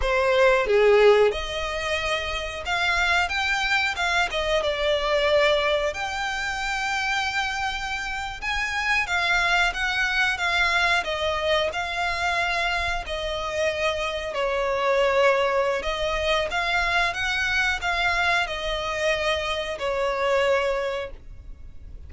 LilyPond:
\new Staff \with { instrumentName = "violin" } { \time 4/4 \tempo 4 = 91 c''4 gis'4 dis''2 | f''4 g''4 f''8 dis''8 d''4~ | d''4 g''2.~ | g''8. gis''4 f''4 fis''4 f''16~ |
f''8. dis''4 f''2 dis''16~ | dis''4.~ dis''16 cis''2~ cis''16 | dis''4 f''4 fis''4 f''4 | dis''2 cis''2 | }